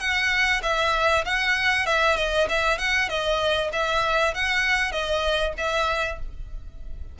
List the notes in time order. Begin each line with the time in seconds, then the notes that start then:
0.00 F#5
0.63 E5
1.25 F#5
1.86 E5
2.17 D#5
2.49 E5
2.78 F#5
3.09 D#5
3.73 E5
4.35 F#5
4.92 D#5
5.58 E5